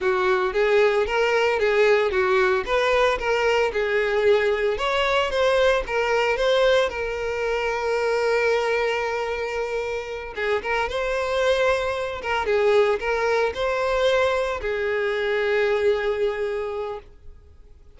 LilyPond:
\new Staff \with { instrumentName = "violin" } { \time 4/4 \tempo 4 = 113 fis'4 gis'4 ais'4 gis'4 | fis'4 b'4 ais'4 gis'4~ | gis'4 cis''4 c''4 ais'4 | c''4 ais'2.~ |
ais'2.~ ais'8 gis'8 | ais'8 c''2~ c''8 ais'8 gis'8~ | gis'8 ais'4 c''2 gis'8~ | gis'1 | }